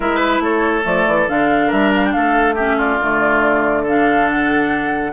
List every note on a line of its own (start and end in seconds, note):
0.00 0.39 G#3
0.00 0.83 E4
0.00 0.43 B4
0.00 0.41 E5
0.39 0.82 A3
0.39 1.67 A4
0.39 0.85 C#5
0.83 1.06 F3
0.83 1.26 A3
0.83 1.28 D5
1.07 1.28 E3
1.28 1.71 D3
1.28 2.57 D4
1.28 1.71 F5
1.67 2.14 G3
1.67 2.10 A#4
1.67 1.92 E5
1.95 2.04 F5
2.04 2.12 G5
2.12 2.99 A3
2.12 2.54 A4
2.12 2.55 F5
2.54 3.00 C#4
2.54 2.76 G4
2.54 2.78 E5
2.77 3.82 F4
2.77 3.85 D5
2.99 5.12 D3
2.99 3.86 A3
3.82 5.12 D4
3.82 5.11 A4
3.82 4.29 F5
4.29 5.12 F#5